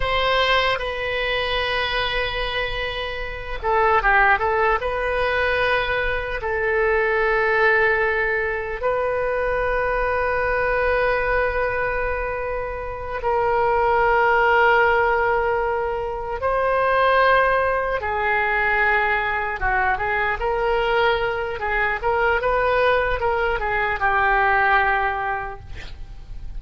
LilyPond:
\new Staff \with { instrumentName = "oboe" } { \time 4/4 \tempo 4 = 75 c''4 b'2.~ | b'8 a'8 g'8 a'8 b'2 | a'2. b'4~ | b'1~ |
b'8 ais'2.~ ais'8~ | ais'8 c''2 gis'4.~ | gis'8 fis'8 gis'8 ais'4. gis'8 ais'8 | b'4 ais'8 gis'8 g'2 | }